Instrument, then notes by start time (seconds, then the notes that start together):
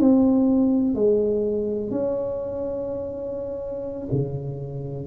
tuba
0.00 C4
0.95 G#3
1.91 C#4
4.13 C#3